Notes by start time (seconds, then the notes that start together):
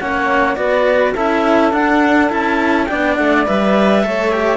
0.00 A#3 C#4 C#5 F#5
0.56 B3 F#4 B4 D5
1.13 C#4 E4 A4 E5
1.72 D4 F#5
2.30 C#4 E4 A5
2.86 B3 D4 D5 G5
3.16 A3 F#5
3.46 G3 B4 E5
4.03 A3 A4 C#5
4.32 G4